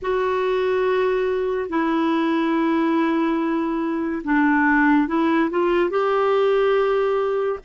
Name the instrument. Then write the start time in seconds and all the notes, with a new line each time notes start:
clarinet
0.02 F#4
1.69 E4
4.23 D4
5.07 E4
5.50 F4
5.90 G4